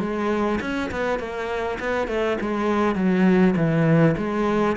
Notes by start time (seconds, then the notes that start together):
0.00 G#3
0.61 C#4
0.91 B3
1.19 A#3
1.80 B3
2.08 A3
2.41 G#3
2.95 F#3
3.56 E3
4.17 G#3